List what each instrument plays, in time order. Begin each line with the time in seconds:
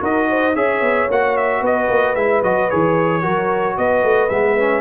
0.00 tuba D#4, trombone F#4, horn A#4, trumpet D#5
0.30 horn C5
0.55 tuba C#4, trombone G#4, horn C#5, trumpet E5
0.81 tuba B3
1.09 tuba A#3, trombone F#4, trumpet F#5
1.37 trumpet E5
1.61 tuba B3, horn B4, trumpet D#5
1.89 tuba A#3
2.15 tuba G#3, trombone E4, trumpet E5
2.43 tuba F#3, trombone F#4, trumpet D#5
2.70 tuba E3, trombone G#4, trumpet C#5
3.22 tuba F#3, trombone F#4, horn A#4
3.77 tuba B3, horn B4, trumpet D#5
4.03 tuba A3
4.29 tuba G#3, trombone B3, trumpet E5
4.58 trombone C#4